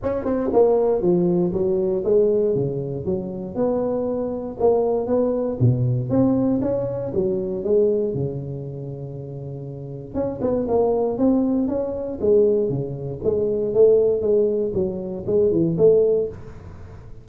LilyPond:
\new Staff \with { instrumentName = "tuba" } { \time 4/4 \tempo 4 = 118 cis'8 c'8 ais4 f4 fis4 | gis4 cis4 fis4 b4~ | b4 ais4 b4 b,4 | c'4 cis'4 fis4 gis4 |
cis1 | cis'8 b8 ais4 c'4 cis'4 | gis4 cis4 gis4 a4 | gis4 fis4 gis8 e8 a4 | }